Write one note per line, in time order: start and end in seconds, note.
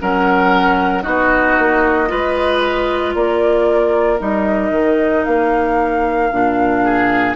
0.00 1.06 F#3
0.00 1.03 C#4
0.00 1.04 A#4
0.00 1.03 F#5
1.03 1.59 B3
1.03 2.08 D#4
1.03 2.09 F#4
1.03 3.13 D#5
1.59 2.11 A#3
2.08 3.15 G#3
2.08 4.18 F4
2.08 3.16 B4
3.15 4.20 A#3
3.15 6.84 A#4
3.15 4.20 D5
4.19 4.71 G3
4.19 6.30 D#4
4.19 5.25 D#5
4.71 5.24 D#3
5.25 6.32 A#3
5.25 7.36 F5
6.32 7.36 A#2
6.32 7.36 D4
6.84 7.36 G#4